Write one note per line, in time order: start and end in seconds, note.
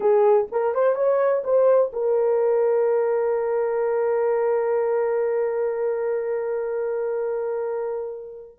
0.00 0.46 G#4
0.51 0.74 A#4
0.74 0.95 C5
0.95 1.43 C#5
1.44 1.91 C5
1.92 8.58 A#4